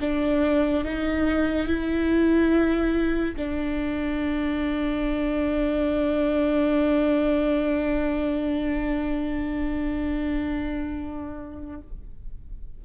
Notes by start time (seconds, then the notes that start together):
0.00 D4
0.84 D#4
1.66 E4
3.36 D4